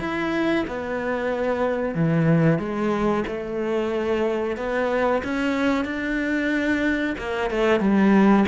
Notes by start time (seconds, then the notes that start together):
0.00 E4
0.68 B3
1.95 E3
2.59 G#3
3.28 A3
4.57 B3
5.24 C#4
5.85 D4
7.18 A#3
7.51 A3
7.81 G3